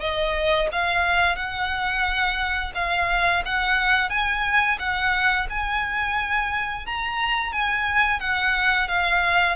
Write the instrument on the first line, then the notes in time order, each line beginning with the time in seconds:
violin
0.00 D#5
0.72 F5
1.36 F#5
2.75 F5
3.45 F#5
4.10 G#5
4.79 F#5
5.49 G#5
6.86 A#5
7.52 G#5
8.20 F#5
8.88 F5